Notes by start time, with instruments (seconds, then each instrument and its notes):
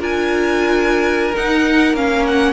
0.00 cello D4, viola F4, violin A#4 G#5
1.36 viola D#4, cello D#4, violin F#5
1.94 cello A#3, viola C#4, violin F5
2.27 violin F#5